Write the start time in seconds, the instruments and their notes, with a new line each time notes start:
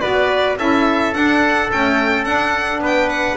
0.00 double bass B3, saxophone F#4, trumpet B4, violin D5
0.58 double bass C#4, saxophone E4, trumpet A4, violin E5
1.13 saxophone D4, double bass D4, violin F#5
1.72 saxophone A3, double bass C#4, violin G5
2.25 saxophone D4, double bass D4, violin F#5
2.79 double bass B3, trumpet B4
2.86 violin G5
3.09 violin F#5